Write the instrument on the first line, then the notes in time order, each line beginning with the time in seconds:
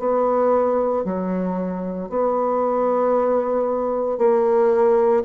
bassoon
0.00 B3
1.05 F#3
2.10 B3
4.19 A#3